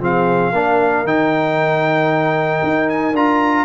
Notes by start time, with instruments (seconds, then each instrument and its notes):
0.00 tuba F3, trombone C4, horn G#4, trumpet F5
0.52 tuba A#3, trombone D4, horn A#4
1.04 tuba D#3, trombone D#4, trumpet G5
2.63 tuba D#4
2.89 trumpet G#5
3.13 tuba D4, trombone F4, trumpet A#5